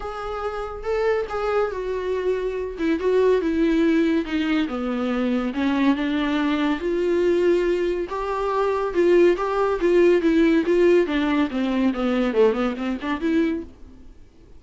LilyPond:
\new Staff \with { instrumentName = "viola" } { \time 4/4 \tempo 4 = 141 gis'2 a'4 gis'4 | fis'2~ fis'8 e'8 fis'4 | e'2 dis'4 b4~ | b4 cis'4 d'2 |
f'2. g'4~ | g'4 f'4 g'4 f'4 | e'4 f'4 d'4 c'4 | b4 a8 b8 c'8 d'8 e'4 | }